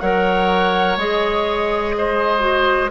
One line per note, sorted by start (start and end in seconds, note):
0.00 0.97 F#3
0.00 0.99 A#4
0.00 1.95 C#5
0.00 0.97 F#5
0.97 2.90 G#3
0.97 2.39 G#4
0.97 2.91 D#5
1.97 2.91 C5
2.39 2.87 F#4